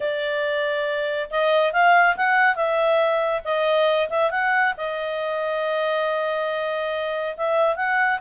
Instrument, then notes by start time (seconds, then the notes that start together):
clarinet
0.00 D5
1.30 D#5
1.72 F5
2.16 F#5
2.55 E5
3.44 D#5
4.09 E5
4.30 F#5
4.77 D#5
7.36 E5
7.76 F#5